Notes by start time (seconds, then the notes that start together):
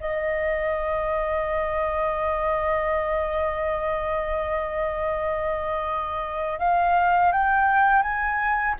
0.00 D#5
6.59 F5
7.32 G5
8.02 G#5